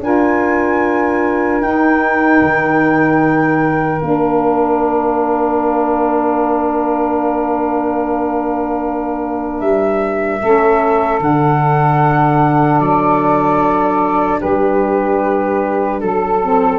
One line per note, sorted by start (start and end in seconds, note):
0.00 1.60 D4
0.00 1.60 F4
0.00 10.41 A#4
0.00 1.62 G#5
1.60 4.00 D#4
1.60 2.41 D#4
1.60 4.01 G5
2.41 4.01 D#3
4.00 9.61 A#3
4.00 10.40 D4
4.00 9.59 F5
9.59 10.41 G3
9.59 11.19 E5
10.41 11.20 A3
10.41 11.20 C#4
10.41 14.39 A4
11.20 12.80 D3
11.20 16.40 D4
11.20 12.80 F#5
12.80 14.40 F#3
12.80 14.40 D5
14.39 16.02 G3
14.39 15.99 G4
14.39 16.00 B4
16.00 16.79 F#3
16.00 16.79 A4
16.42 16.79 C4